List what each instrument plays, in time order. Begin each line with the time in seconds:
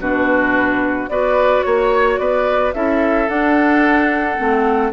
0.00 bassoon B2, clarinet D4, oboe F#4, flute B4
1.09 bassoon B3, clarinet F#4, oboe B4, flute D5
1.64 bassoon A#3, flute C#5, oboe C#5
2.18 bassoon B3, oboe B4, flute D5
2.74 bassoon C#4, clarinet E4, oboe A4, flute E5
3.29 bassoon D4, clarinet D4, flute F#5
4.38 bassoon A3, clarinet C4